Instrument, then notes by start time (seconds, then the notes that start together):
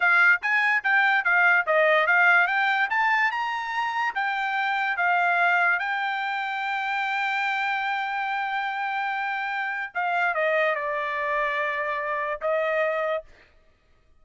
trumpet
0.00 F5
0.41 G#5
0.83 G5
1.24 F5
1.66 D#5
2.06 F5
2.47 G5
2.89 A5
3.31 A#5
4.15 G5
4.97 F5
5.79 G5
9.94 F5
10.34 D#5
10.75 D5
12.41 D#5